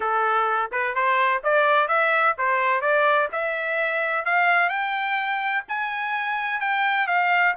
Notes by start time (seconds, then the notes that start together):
0.00 A4
0.71 B4
0.94 C5
1.43 D5
1.88 E5
2.38 C5
2.81 D5
3.32 E5
4.25 F5
4.69 G5
5.68 G#5
6.60 G5
7.07 F5